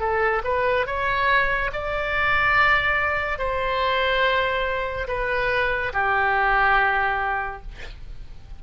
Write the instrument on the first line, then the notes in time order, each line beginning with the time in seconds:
oboe
0.00 A4
0.44 B4
0.86 C#5
1.73 D5
3.38 C5
5.08 B4
5.93 G4